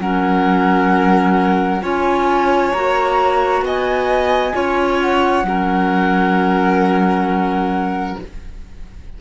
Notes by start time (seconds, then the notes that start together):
0.00 F#3 C#4 A#4 F#5
1.82 C#4 F4 C#5 G#5
2.73 A#3 F#4 A#5
3.62 B3 D#5 G#5
4.53 C#4 F4 C#5
5.01 F#5
5.44 F#3 C#4 A#4